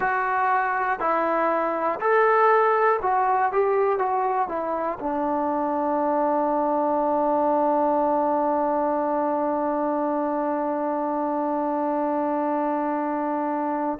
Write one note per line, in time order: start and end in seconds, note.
0.00 1.00 F#4
1.00 2.00 E4
2.00 3.00 A4
3.01 3.51 F#4
3.52 3.98 G4
3.98 4.48 F#4
4.48 4.98 E4
4.99 13.99 D4